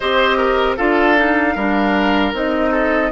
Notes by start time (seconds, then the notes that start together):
0.00 C4 G4 C5 D#5
0.37 A#4
0.76 D4 F4 A4 F5
1.17 D#4
1.55 G3 D4 A#4
2.33 C4 D#4 D#5
2.71 A4